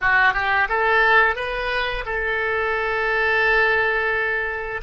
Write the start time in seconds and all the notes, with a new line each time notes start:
0.01 F#4
0.33 G4
0.68 A4
1.35 B4
2.05 A4